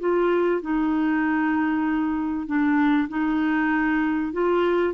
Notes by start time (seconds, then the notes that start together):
0.00 F4
0.62 D#4
2.47 D4
3.09 D#4
4.33 F4